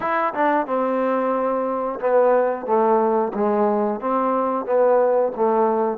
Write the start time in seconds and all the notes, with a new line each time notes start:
0.00 E4
0.34 D4
0.66 C4
2.00 B3
2.65 A3
3.33 G#3
4.00 C4
4.65 B3
5.35 A3